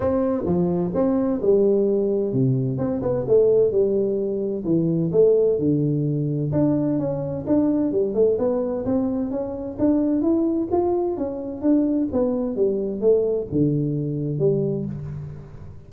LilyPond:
\new Staff \with { instrumentName = "tuba" } { \time 4/4 \tempo 4 = 129 c'4 f4 c'4 g4~ | g4 c4 c'8 b8 a4 | g2 e4 a4 | d2 d'4 cis'4 |
d'4 g8 a8 b4 c'4 | cis'4 d'4 e'4 f'4 | cis'4 d'4 b4 g4 | a4 d2 g4 | }